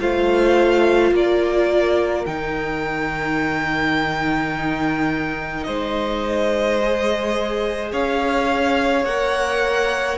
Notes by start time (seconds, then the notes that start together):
0.00 A3 F4 C5 F5
1.11 A#3 A#4 D5
2.25 D#3 D#4 G5
5.63 G#3 C5 D#5
6.81 G#4
7.92 C#4 C#5 F5
9.04 A#3 A#4 F#5